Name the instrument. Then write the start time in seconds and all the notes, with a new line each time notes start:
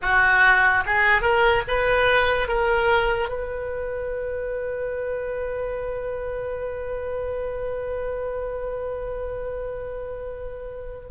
oboe
0.01 F#4
0.86 G#4
1.21 A#4
1.67 B4
2.48 A#4
3.28 B4